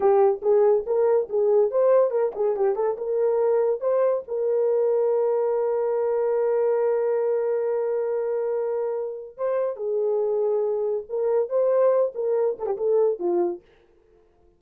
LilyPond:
\new Staff \with { instrumentName = "horn" } { \time 4/4 \tempo 4 = 141 g'4 gis'4 ais'4 gis'4 | c''4 ais'8 gis'8 g'8 a'8 ais'4~ | ais'4 c''4 ais'2~ | ais'1~ |
ais'1~ | ais'2 c''4 gis'4~ | gis'2 ais'4 c''4~ | c''8 ais'4 a'16 g'16 a'4 f'4 | }